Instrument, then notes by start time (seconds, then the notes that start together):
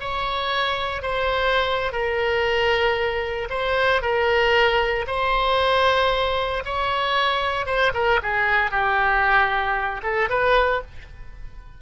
oboe
0.00 C#5
1.02 C5
1.92 A#4
3.50 C5
4.02 A#4
5.07 C5
6.65 C#5
7.66 C5
7.94 A#4
8.23 G#4
8.71 G4
10.03 A4
10.29 B4